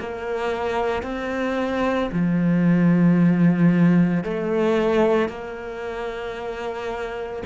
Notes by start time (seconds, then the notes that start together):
0.00 A#3
1.03 C4
2.12 F3
4.24 A3
5.29 A#3